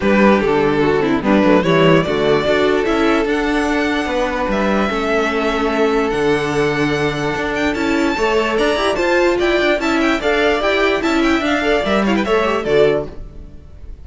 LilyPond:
<<
  \new Staff \with { instrumentName = "violin" } { \time 4/4 \tempo 4 = 147 b'4 a'2 b'4 | cis''4 d''2 e''4 | fis''2. e''4~ | e''2. fis''4~ |
fis''2~ fis''8 g''8 a''4~ | a''4 ais''4 a''4 g''4 | a''8 g''8 f''4 g''4 a''8 g''8 | f''4 e''8 f''16 g''16 e''4 d''4 | }
  \new Staff \with { instrumentName = "violin" } { \time 4/4 g'2 fis'8 e'8 d'4 | e'4 fis'4 a'2~ | a'2 b'2 | a'1~ |
a'1 | cis''4 d''4 c''4 d''4 | e''4 d''2 e''4~ | e''8 d''4 cis''16 b'16 cis''4 a'4 | }
  \new Staff \with { instrumentName = "viola" } { \time 4/4 d'2~ d'8 c'8 b8 a8 | g4 a4 fis'4 e'4 | d'1 | cis'2. d'4~ |
d'2. e'4 | a'4. g'8 f'2 | e'4 a'4 g'4 e'4 | d'8 a'8 ais'8 e'8 a'8 g'8 fis'4 | }
  \new Staff \with { instrumentName = "cello" } { \time 4/4 g4 d2 g8 fis8 | e4 d4 d'4 cis'4 | d'2 b4 g4 | a2. d4~ |
d2 d'4 cis'4 | a4 d'8 e'8 f'4 e'8 d'8 | cis'4 d'4 e'4 cis'4 | d'4 g4 a4 d4 | }
>>